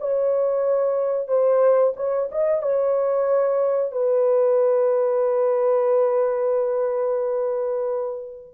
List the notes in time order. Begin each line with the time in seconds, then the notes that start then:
0.00 C#5
1.28 C5
1.97 C#5
2.31 D#5
2.62 C#5
3.92 B4